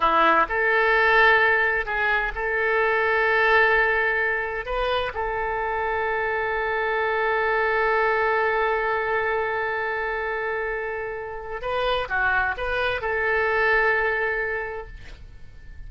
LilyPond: \new Staff \with { instrumentName = "oboe" } { \time 4/4 \tempo 4 = 129 e'4 a'2. | gis'4 a'2.~ | a'2 b'4 a'4~ | a'1~ |
a'1~ | a'1~ | a'4 b'4 fis'4 b'4 | a'1 | }